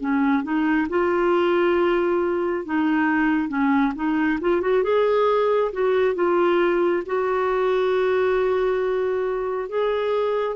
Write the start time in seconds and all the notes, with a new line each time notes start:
0.00 C#4
0.43 D#4
0.89 F4
2.66 D#4
3.49 C#4
3.95 D#4
4.41 F4
4.62 F#4
4.84 G#4
5.73 F#4
6.15 F4
7.06 F#4
9.69 G#4